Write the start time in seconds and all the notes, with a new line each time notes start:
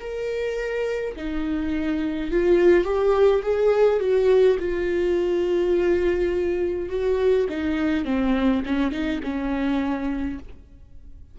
0.00 A#4
1.16 D#4
2.31 F4
2.84 G4
3.42 G#4
4.00 F#4
4.59 F4
6.89 F#4
7.49 D#4
8.05 C4
8.65 C#4
8.91 D#4
9.23 C#4